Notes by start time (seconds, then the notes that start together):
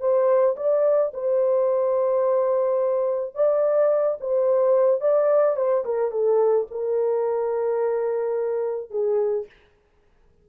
0.00 C5
0.56 D5
1.14 C5
3.35 D5
4.20 C5
5.01 D5
5.56 C5
5.85 A#4
6.11 A4
6.71 A#4
8.91 G#4